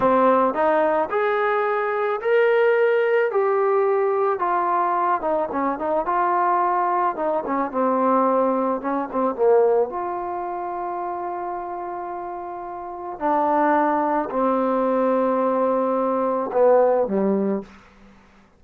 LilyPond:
\new Staff \with { instrumentName = "trombone" } { \time 4/4 \tempo 4 = 109 c'4 dis'4 gis'2 | ais'2 g'2 | f'4. dis'8 cis'8 dis'8 f'4~ | f'4 dis'8 cis'8 c'2 |
cis'8 c'8 ais4 f'2~ | f'1 | d'2 c'2~ | c'2 b4 g4 | }